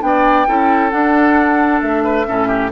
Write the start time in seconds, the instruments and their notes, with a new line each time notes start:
0.00 bassoon B3, clarinet D4, oboe D5, flute G5
0.47 bassoon C#4, clarinet E4, oboe A4
0.90 clarinet D4, bassoon D4, flute F#5
1.81 bassoon A3, flute E5
2.03 oboe B4
2.26 bassoon A2, clarinet C#4, oboe A4
2.48 oboe G4